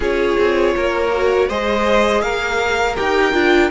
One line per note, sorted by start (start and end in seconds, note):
0.00 0.36 C#4
0.00 1.11 F4
0.00 0.74 G#4
0.00 1.49 C#5
0.37 0.75 C4
0.76 1.49 A#3
0.76 1.48 A#4
1.13 1.49 F#4
1.48 2.22 G#3
1.48 2.96 G#4
1.48 2.22 C5
1.48 2.21 D#5
2.21 2.96 A#3
2.21 3.71 A#4
2.21 2.95 F5
2.96 3.33 D#4
2.96 3.32 G4
2.96 3.70 G5
3.32 3.70 D4
3.32 3.69 F4